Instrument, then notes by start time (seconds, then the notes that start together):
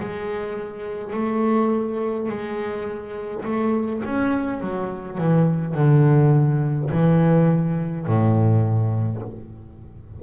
double bass
0.00 G#3
1.13 A3
2.29 G#3
3.45 A3
4.05 C#4
4.60 F#3
5.18 E3
5.74 D3
6.91 E3
8.06 A2